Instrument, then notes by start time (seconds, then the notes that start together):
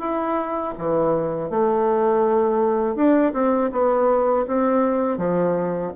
bassoon
0.00 E4
0.78 E3
1.51 A3
2.96 D4
3.34 C4
3.72 B3
4.47 C4
5.18 F3